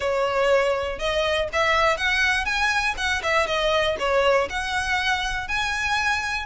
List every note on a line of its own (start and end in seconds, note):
0.00 0.98 C#5
0.98 1.48 D#5
1.53 1.97 E5
1.97 2.45 F#5
2.45 2.94 G#5
2.97 3.22 F#5
3.22 3.46 E5
3.46 3.96 D#5
3.99 4.49 C#5
4.49 5.47 F#5
5.47 6.45 G#5